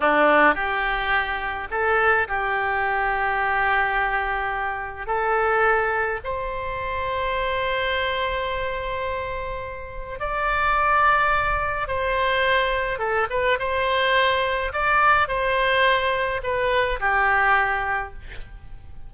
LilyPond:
\new Staff \with { instrumentName = "oboe" } { \time 4/4 \tempo 4 = 106 d'4 g'2 a'4 | g'1~ | g'4 a'2 c''4~ | c''1~ |
c''2 d''2~ | d''4 c''2 a'8 b'8 | c''2 d''4 c''4~ | c''4 b'4 g'2 | }